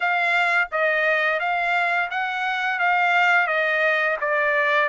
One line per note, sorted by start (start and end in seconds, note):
0.00 0.68 F5
0.71 1.39 D#5
1.39 2.09 F5
2.10 2.79 F#5
2.79 3.47 F5
3.47 4.17 D#5
4.21 4.88 D5